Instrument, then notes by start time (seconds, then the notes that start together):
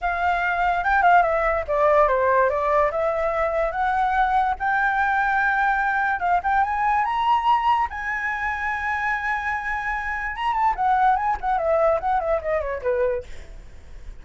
flute
0.01 F5
0.84 G5
1.02 F5
1.22 E5
1.67 D5
2.08 C5
2.49 D5
2.91 E5
3.71 F#5
4.59 G5
6.19 F5
6.43 G5
6.63 G#5
7.05 A#5
7.90 G#5
10.35 A#5
10.53 A5
10.75 F#5
11.16 G#5
11.40 F#5
11.57 E5
12.00 F#5
12.20 E5
12.41 D#5
12.61 C#5
12.82 B4